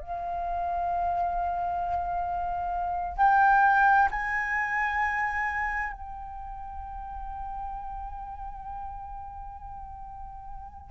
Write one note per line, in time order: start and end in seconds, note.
0.00 3.17 F5
3.17 4.08 G5
4.11 5.92 G#5
5.92 10.90 G5